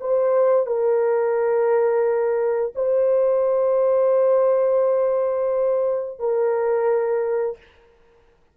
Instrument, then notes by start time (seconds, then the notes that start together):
horn
0.00 C5
0.66 A#4
2.75 C5
6.19 A#4